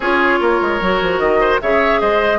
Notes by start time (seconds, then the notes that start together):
0.00 C#4 F4 G#4 C#5
0.40 A#3 A#4
0.61 G#3
0.80 F#3 F#4
1.01 F3
1.18 D#3 D#5
1.40 C5
1.61 C#3 G#4 C#5 E5
2.00 G#3 C5 D#5